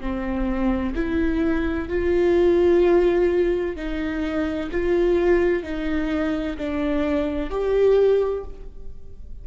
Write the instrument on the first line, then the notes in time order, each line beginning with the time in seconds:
viola
0.00 C4
0.95 E4
1.89 F4
3.76 D#4
4.71 F4
5.63 D#4
6.58 D4
7.50 G4